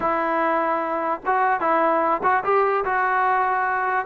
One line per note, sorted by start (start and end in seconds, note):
0.00 1.20 E4
1.25 1.60 F#4
1.60 2.21 E4
2.23 2.43 F#4
2.43 2.84 G4
2.85 4.06 F#4